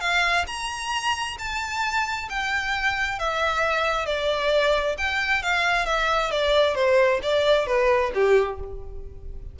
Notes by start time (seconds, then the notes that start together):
0.00 F5
0.47 A#5
1.38 A5
2.29 G5
3.19 E5
4.06 D5
4.97 G5
5.42 F5
5.86 E5
6.31 D5
6.75 C5
7.22 D5
7.67 B4
8.14 G4